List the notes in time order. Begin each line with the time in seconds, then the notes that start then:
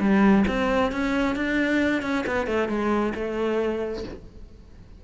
0.00 G3
0.48 C4
0.92 C#4
1.36 D4
2.03 C#4
2.27 B3
2.47 A3
2.69 G#3
3.15 A3